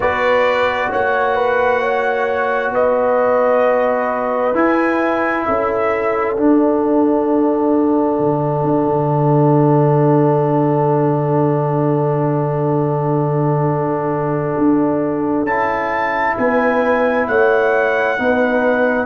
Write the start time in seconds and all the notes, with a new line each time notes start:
0.00 B3 F#4 B4 D5
0.90 A#3 C#5 F#5
1.35 B4
1.81 C#5
2.70 B3 B4 D#5
4.54 E4 G#5
5.44 C#4 A4 E5
6.34 D4 F#5
8.18 D3
8.63 D4
8.86 D3
14.58 D4
15.42 C#4 E4 A5
16.36 B3 B4 G#5
17.27 A3 C#5 F#5
18.18 B3 D#4 B4